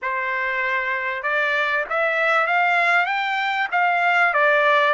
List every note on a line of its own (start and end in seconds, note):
0.02 1.22 C5
1.22 1.84 D5
1.89 2.46 E5
2.46 3.06 F5
3.06 3.68 G5
3.71 4.33 F5
4.33 4.93 D5